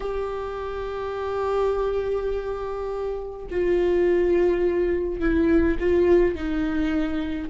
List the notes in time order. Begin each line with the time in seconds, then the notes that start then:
0.00 G4
3.50 F4
5.19 E4
5.79 F4
6.35 D#4